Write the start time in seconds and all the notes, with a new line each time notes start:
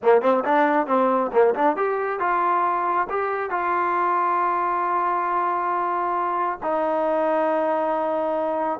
0.02 A#3
0.21 C4
0.44 D4
0.86 C4
1.32 A#3
1.54 D4
1.76 G4
2.19 F4
3.09 G4
3.50 F4
6.63 D#4